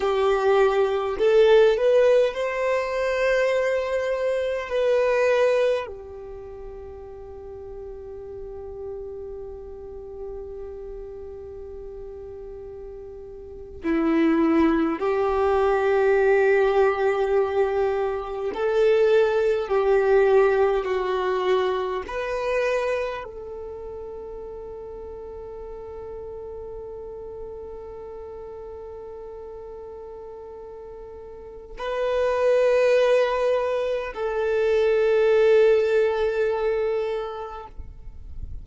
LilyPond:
\new Staff \with { instrumentName = "violin" } { \time 4/4 \tempo 4 = 51 g'4 a'8 b'8 c''2 | b'4 g'2.~ | g'2.~ g'8. e'16~ | e'8. g'2. a'16~ |
a'8. g'4 fis'4 b'4 a'16~ | a'1~ | a'2. b'4~ | b'4 a'2. | }